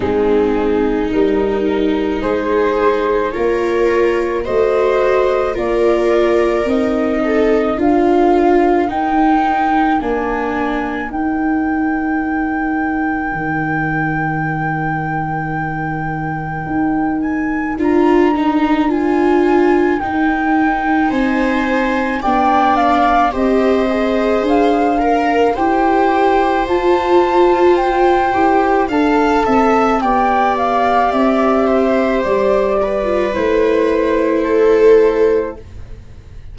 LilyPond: <<
  \new Staff \with { instrumentName = "flute" } { \time 4/4 \tempo 4 = 54 gis'4 ais'4 c''4 cis''4 | dis''4 d''4 dis''4 f''4 | g''4 gis''4 g''2~ | g''2.~ g''8 gis''8 |
ais''4 gis''4 g''4 gis''4 | g''8 f''8 dis''4 f''4 g''4 | a''4 g''4 a''4 g''8 f''8 | e''4 d''4 c''2 | }
  \new Staff \with { instrumentName = "viola" } { \time 4/4 dis'2 gis'4 ais'4 | c''4 ais'4. a'8 ais'4~ | ais'1~ | ais'1~ |
ais'2. c''4 | d''4 c''4. ais'8 c''4~ | c''2 f''8 e''8 d''4~ | d''8 c''4 b'4. a'4 | }
  \new Staff \with { instrumentName = "viola" } { \time 4/4 c'4 dis'2 f'4 | fis'4 f'4 dis'4 f'4 | dis'4 d'4 dis'2~ | dis'1 |
f'8 dis'8 f'4 dis'2 | d'4 g'8 gis'4 ais'8 g'4 | f'4. g'8 a'4 g'4~ | g'4.~ g'16 f'16 e'2 | }
  \new Staff \with { instrumentName = "tuba" } { \time 4/4 gis4 g4 gis4 ais4 | a4 ais4 c'4 d'4 | dis'4 ais4 dis'2 | dis2. dis'4 |
d'2 dis'4 c'4 | b4 c'4 d'4 e'4 | f'4. e'8 d'8 c'8 b4 | c'4 g4 a2 | }
>>